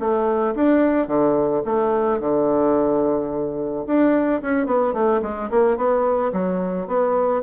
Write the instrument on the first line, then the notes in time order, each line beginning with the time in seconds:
bassoon
0.00 A3
0.55 D4
1.08 D3
1.65 A3
2.20 D3
3.87 D4
4.42 C#4
4.67 B3
4.94 A3
5.23 G#3
5.51 A#3
5.77 B3
6.33 F#3
6.88 B3